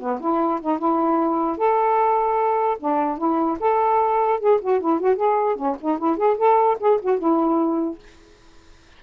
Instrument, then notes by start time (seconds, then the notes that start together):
saxophone
0.00 B3
0.21 E4
0.61 D#4
0.79 E4
1.58 A4
2.80 D4
3.18 E4
3.60 A4
4.40 G#4
4.61 F#4
4.81 E4
5.00 F#4
5.16 G#4
5.56 C#4
5.81 D#4
5.99 E4
6.17 G#4
6.38 A4
6.80 G#4
7.02 F#4
7.19 E4